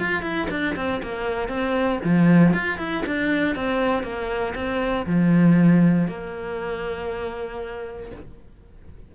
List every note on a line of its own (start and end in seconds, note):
0.00 0.23 F4
0.23 0.48 E4
0.50 0.76 D4
0.76 1.02 C4
1.03 1.49 A#3
1.49 2.00 C4
2.05 2.54 F3
2.54 2.79 F4
2.79 3.04 E4
3.06 3.56 D4
3.56 4.04 C4
4.04 4.54 A#3
4.55 5.06 C4
5.06 6.08 F3
6.08 8.11 A#3